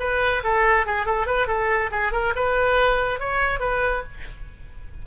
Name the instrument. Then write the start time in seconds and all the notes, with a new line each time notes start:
oboe
0.00 B4
0.44 A4
0.86 G#4
1.06 A4
1.26 B4
1.47 A4
1.91 G#4
2.12 A#4
2.36 B4
3.20 C#5
3.60 B4